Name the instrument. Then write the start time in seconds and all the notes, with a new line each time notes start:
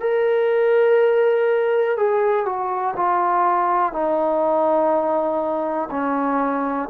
trombone
0.00 A#4
1.97 G#4
2.45 F#4
2.96 F4
3.92 D#4
5.91 C#4